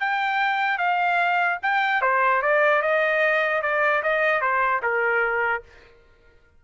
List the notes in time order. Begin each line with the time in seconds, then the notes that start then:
0.00 G5
0.78 F5
1.62 G5
2.02 C5
2.42 D5
2.82 D#5
3.62 D5
4.03 D#5
4.41 C5
4.82 A#4